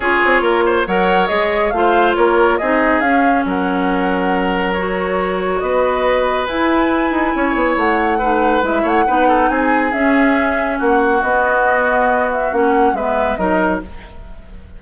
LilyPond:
<<
  \new Staff \with { instrumentName = "flute" } { \time 4/4 \tempo 4 = 139 cis''2 fis''4 dis''4 | f''4 cis''4 dis''4 f''4 | fis''2. cis''4~ | cis''4 dis''2 gis''4~ |
gis''2 fis''2 | e''8 fis''4. gis''4 e''4~ | e''4 fis''4 dis''2~ | dis''8 e''8 fis''4 e''4 dis''4 | }
  \new Staff \with { instrumentName = "oboe" } { \time 4/4 gis'4 ais'8 c''8 cis''2 | c''4 ais'4 gis'2 | ais'1~ | ais'4 b'2.~ |
b'4 cis''2 b'4~ | b'8 cis''8 b'8 a'8 gis'2~ | gis'4 fis'2.~ | fis'2 b'4 ais'4 | }
  \new Staff \with { instrumentName = "clarinet" } { \time 4/4 f'2 ais'4 gis'4 | f'2 dis'4 cis'4~ | cis'2. fis'4~ | fis'2. e'4~ |
e'2. dis'4 | e'4 dis'2 cis'4~ | cis'2 b2~ | b4 cis'4 b4 dis'4 | }
  \new Staff \with { instrumentName = "bassoon" } { \time 4/4 cis'8 c'8 ais4 fis4 gis4 | a4 ais4 c'4 cis'4 | fis1~ | fis4 b2 e'4~ |
e'8 dis'8 cis'8 b8 a2 | gis8 a8 b4 c'4 cis'4~ | cis'4 ais4 b2~ | b4 ais4 gis4 fis4 | }
>>